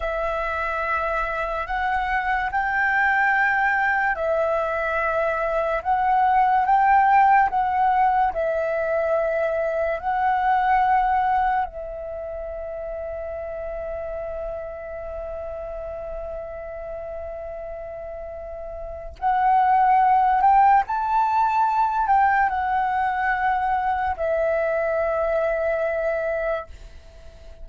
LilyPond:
\new Staff \with { instrumentName = "flute" } { \time 4/4 \tempo 4 = 72 e''2 fis''4 g''4~ | g''4 e''2 fis''4 | g''4 fis''4 e''2 | fis''2 e''2~ |
e''1~ | e''2. fis''4~ | fis''8 g''8 a''4. g''8 fis''4~ | fis''4 e''2. | }